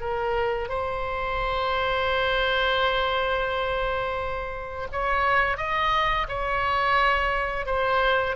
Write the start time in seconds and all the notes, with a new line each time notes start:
0.00 A#4
0.68 C5
4.92 C#5
5.57 D#5
6.28 C#5
7.66 C5